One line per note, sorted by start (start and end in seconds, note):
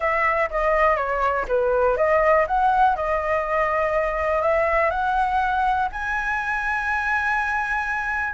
0.00 0.49 E5
0.50 0.96 D#5
0.96 1.45 C#5
1.48 1.96 B4
1.96 2.45 D#5
2.47 2.96 F#5
2.96 4.42 D#5
4.42 4.90 E5
4.90 5.88 F#5
5.92 8.33 G#5